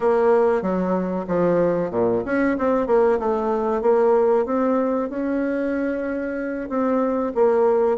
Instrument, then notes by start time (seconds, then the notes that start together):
bassoon
0.00 A#3
0.62 F#3
1.27 F3
1.90 A#2
2.25 C#4
2.58 C4
2.86 A#3
3.19 A3
3.82 A#3
4.45 C4
5.09 C#4
6.69 C4
7.35 A#3